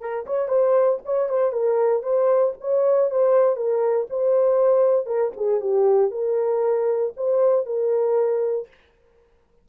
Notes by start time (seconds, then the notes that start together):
0.00 A#4
0.26 C#5
0.48 C5
1.05 C#5
1.29 C5
1.52 A#4
2.02 C5
2.60 C#5
3.10 C5
3.56 A#4
4.10 C5
5.06 A#4
5.36 G#4
5.60 G4
6.11 A#4
7.16 C5
7.66 A#4